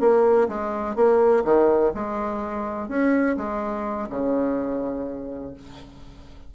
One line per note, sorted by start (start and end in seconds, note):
0.00 0.48 A#3
0.48 0.96 G#3
0.96 1.44 A#3
1.44 1.92 D#3
1.94 2.88 G#3
2.88 3.36 C#4
3.37 4.09 G#3
4.10 5.54 C#3